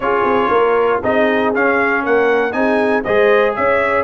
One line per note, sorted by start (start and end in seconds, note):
0.00 0.23 C#4
0.00 1.03 F4
0.00 0.49 G#4
0.00 1.01 C#5
0.23 0.49 C4
0.49 1.01 A#3
0.49 0.99 A#4
1.02 1.54 C4
1.02 1.53 D#4
1.02 2.03 G#4
1.02 1.54 D#5
1.54 2.51 C#4
1.54 2.05 C#4
1.54 2.05 F5
2.03 2.54 A#3
2.03 2.53 A#4
2.03 2.52 F#5
2.51 3.05 C4
2.51 3.02 D#4
2.51 3.03 G#4
2.51 3.03 G#5
3.03 3.57 G#3
3.03 4.04 G#4
3.03 3.54 C5
3.03 3.54 D#5
3.55 4.04 C#4
3.55 4.04 C#5
3.55 4.04 E5